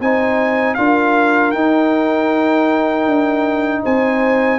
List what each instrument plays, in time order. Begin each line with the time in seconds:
0.00 tuba C4, trombone D#4, horn C5, trumpet G#5
0.74 tuba D4, trombone F4, horn A#4, trumpet F5
1.51 tuba D#4, trombone D#4, trumpet G5
3.07 tuba D4
3.83 tuba C4, horn C5, trumpet G#5